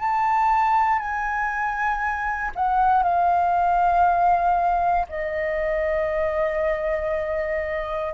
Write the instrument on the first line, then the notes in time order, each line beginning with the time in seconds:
flute
0.00 A5
0.99 G#5
2.55 F#5
3.03 F5
5.09 D#5